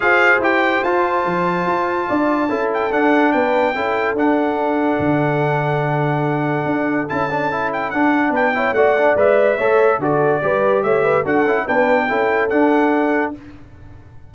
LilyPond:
<<
  \new Staff \with { instrumentName = "trumpet" } { \time 4/4 \tempo 4 = 144 f''4 g''4 a''2~ | a''2~ a''8 g''8 fis''4 | g''2 fis''2~ | fis''1~ |
fis''4 a''4. g''8 fis''4 | g''4 fis''4 e''2 | d''2 e''4 fis''4 | g''2 fis''2 | }
  \new Staff \with { instrumentName = "horn" } { \time 4/4 c''1~ | c''4 d''4 a'2 | b'4 a'2.~ | a'1~ |
a'1 | b'8 cis''8 d''2 cis''4 | a'4 b'4 cis''8 b'8 a'4 | b'4 a'2. | }
  \new Staff \with { instrumentName = "trombone" } { \time 4/4 gis'4 g'4 f'2~ | f'2 e'4 d'4~ | d'4 e'4 d'2~ | d'1~ |
d'4 e'8 d'8 e'4 d'4~ | d'8 e'8 fis'8 d'8 b'4 a'4 | fis'4 g'2 fis'8 e'8 | d'4 e'4 d'2 | }
  \new Staff \with { instrumentName = "tuba" } { \time 4/4 f'4 e'4 f'4 f4 | f'4 d'4 cis'4 d'4 | b4 cis'4 d'2 | d1 |
d'4 cis'2 d'4 | b4 a4 gis4 a4 | d4 g4 a4 d'8 cis'8 | b4 cis'4 d'2 | }
>>